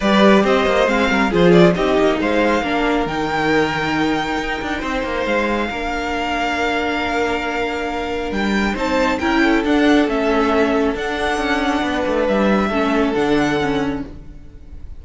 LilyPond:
<<
  \new Staff \with { instrumentName = "violin" } { \time 4/4 \tempo 4 = 137 d''4 dis''4 f''4 c''8 d''8 | dis''4 f''2 g''4~ | g''1 | f''1~ |
f''2. g''4 | a''4 g''4 fis''4 e''4~ | e''4 fis''2. | e''2 fis''2 | }
  \new Staff \with { instrumentName = "violin" } { \time 4/4 b'4 c''4. ais'8 gis'4 | g'4 c''4 ais'2~ | ais'2. c''4~ | c''4 ais'2.~ |
ais'1 | c''4 ais'8 a'2~ a'8~ | a'2. b'4~ | b'4 a'2. | }
  \new Staff \with { instrumentName = "viola" } { \time 4/4 g'2 c'4 f'4 | dis'2 d'4 dis'4~ | dis'1~ | dis'4 d'2.~ |
d'1 | dis'4 e'4 d'4 cis'4~ | cis'4 d'2.~ | d'4 cis'4 d'4 cis'4 | }
  \new Staff \with { instrumentName = "cello" } { \time 4/4 g4 c'8 ais8 gis8 g8 f4 | c'8 ais8 gis4 ais4 dis4~ | dis2 dis'8 d'8 c'8 ais8 | gis4 ais2.~ |
ais2. g4 | c'4 cis'4 d'4 a4~ | a4 d'4 cis'4 b8 a8 | g4 a4 d2 | }
>>